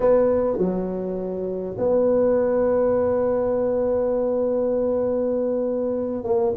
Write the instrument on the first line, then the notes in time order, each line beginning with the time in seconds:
tuba
0.00 B3
0.57 F#3
1.77 B3
6.23 A#3